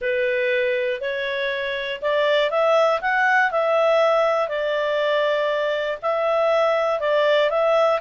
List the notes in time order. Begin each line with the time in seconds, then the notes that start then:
0.01 B4
1.00 C#5
2.01 D5
2.50 E5
3.01 F#5
3.51 E5
4.48 D5
6.01 E5
7.00 D5
7.50 E5